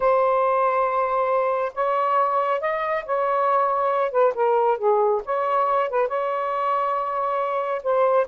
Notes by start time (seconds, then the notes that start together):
0.00 C5
1.74 C#5
2.60 D#5
3.05 C#5
4.11 B4
4.34 A#4
4.77 G#4
5.25 C#5
5.89 B4
6.08 C#5
7.83 C5